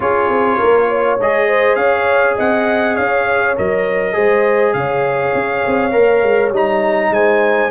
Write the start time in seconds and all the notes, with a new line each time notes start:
0.00 C#4 F4 G#4 C#5
0.29 C4
0.57 A#3 A#4
0.88 C#5
1.19 G#3 G#4 D#5
1.48 C5
1.75 C#4 C#5 F5
2.36 C4 D#5 F#5
2.95 C#4 C#5 F5
3.56 F#3 A#4 D#5
4.12 G#3 G#4 C5
4.73 C#3 C#5 F5
5.34 C#4
5.66 C4
5.91 A#3 A#4
6.22 G#3
6.50 G3 D#4 A#5
7.10 G#3 C5 G#5